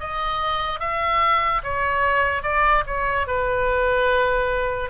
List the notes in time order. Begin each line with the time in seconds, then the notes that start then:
0.00 D#5
0.80 E5
1.64 C#5
2.43 D5
2.87 C#5
3.28 B4